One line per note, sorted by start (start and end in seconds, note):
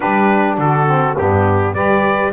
0.00 0.57 G3
0.00 0.86 D4
0.00 0.57 G4
0.00 0.58 B4
0.57 1.16 D3
0.57 1.16 F#4
0.57 1.17 A4
0.86 1.15 C4
1.16 1.73 G2
1.16 1.75 B3
1.16 1.74 D4
1.16 1.74 G4
1.73 2.32 G3
1.73 2.32 G4
1.73 2.32 B4
1.73 2.32 D5